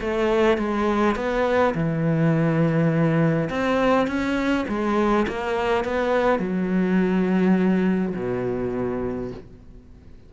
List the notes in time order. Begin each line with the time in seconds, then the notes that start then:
0.00 A3
0.57 G#3
1.15 B3
1.74 E3
3.49 C4
4.07 C#4
4.68 G#3
5.27 A#3
5.84 B3
6.39 F#3
8.14 B2